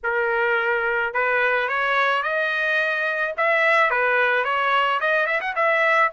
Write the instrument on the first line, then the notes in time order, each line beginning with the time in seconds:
trumpet
0.03 A#4
1.13 B4
1.68 C#5
2.22 D#5
3.37 E5
3.90 B4
4.44 C#5
5.00 D#5
5.26 E5
5.40 F#5
5.55 E5